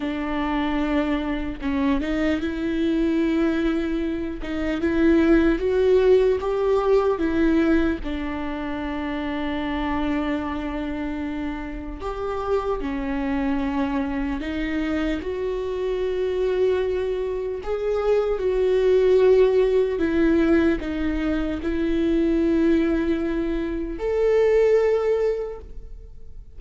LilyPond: \new Staff \with { instrumentName = "viola" } { \time 4/4 \tempo 4 = 75 d'2 cis'8 dis'8 e'4~ | e'4. dis'8 e'4 fis'4 | g'4 e'4 d'2~ | d'2. g'4 |
cis'2 dis'4 fis'4~ | fis'2 gis'4 fis'4~ | fis'4 e'4 dis'4 e'4~ | e'2 a'2 | }